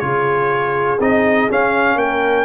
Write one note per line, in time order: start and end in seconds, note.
0.00 1.00 C#3
0.00 0.99 F4
0.00 1.99 G#4
0.00 0.98 C#5
1.00 1.49 C4
1.00 1.50 D#4
1.00 1.50 D#5
1.50 2.45 C#4
1.50 1.96 C#4
1.50 1.98 F5
1.96 2.45 A#3
1.96 2.45 A#4
1.96 2.45 G5